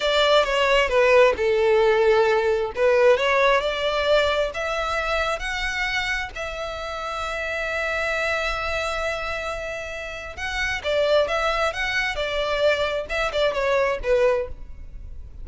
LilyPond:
\new Staff \with { instrumentName = "violin" } { \time 4/4 \tempo 4 = 133 d''4 cis''4 b'4 a'4~ | a'2 b'4 cis''4 | d''2 e''2 | fis''2 e''2~ |
e''1~ | e''2. fis''4 | d''4 e''4 fis''4 d''4~ | d''4 e''8 d''8 cis''4 b'4 | }